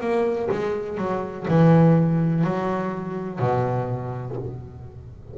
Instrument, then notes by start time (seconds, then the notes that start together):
double bass
0.00 A#3
0.51 G#3
0.97 F#3
1.47 E3
2.43 F#3
3.39 B2